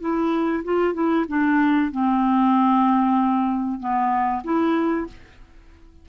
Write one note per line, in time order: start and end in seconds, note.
0.00 0.63 E4
0.64 0.94 F4
0.94 1.25 E4
1.28 1.91 D4
1.91 3.80 C4
3.80 4.43 B3
4.44 5.07 E4